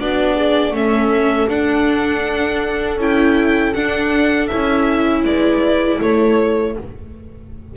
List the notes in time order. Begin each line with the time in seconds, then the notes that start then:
0.00 B3 D4 F#4 D5
0.36 G#4
0.71 A3 C#4 A4 E5
1.49 D4 F#5
2.97 C#4 E4 G5
3.74 D4 F#5
4.48 C#4 E4 E5
5.25 G#3 B4 D5
5.99 A3 A4 C#5